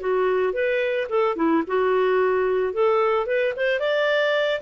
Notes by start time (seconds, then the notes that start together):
0.00 F#4
0.53 B4
1.09 A4
1.36 E4
1.67 F#4
2.73 A4
3.26 B4
3.56 C5
3.79 D5